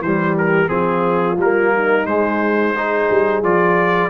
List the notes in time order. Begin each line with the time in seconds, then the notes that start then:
0.00 E3 G4 C5
0.06 G3
0.38 A#4
0.67 F3 C4 F4 G#4
1.38 G3 A#3 A#4
1.75 D#4
2.06 G#3 C5
2.74 D#4 G#4
3.10 G3
3.43 F3 F4 D5